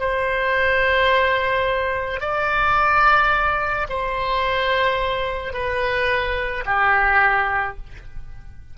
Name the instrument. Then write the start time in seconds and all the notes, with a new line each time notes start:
oboe
0.00 C5
2.21 D5
3.90 C5
5.54 B4
6.66 G4